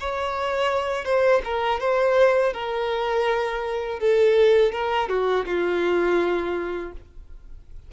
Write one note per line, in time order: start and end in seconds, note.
0.00 1.05 C#5
1.05 1.41 C5
1.44 1.80 A#4
1.80 2.53 C5
2.53 3.99 A#4
3.99 4.72 A4
4.72 5.09 A#4
5.09 5.45 F#4
5.45 6.92 F4